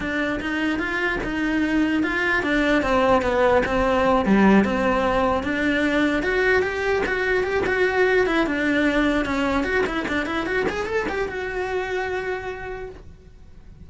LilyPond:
\new Staff \with { instrumentName = "cello" } { \time 4/4 \tempo 4 = 149 d'4 dis'4 f'4 dis'4~ | dis'4 f'4 d'4 c'4 | b4 c'4. g4 c'8~ | c'4. d'2 fis'8~ |
fis'8 g'4 fis'4 g'8 fis'4~ | fis'8 e'8 d'2 cis'4 | fis'8 e'8 d'8 e'8 fis'8 gis'8 a'8 g'8 | fis'1 | }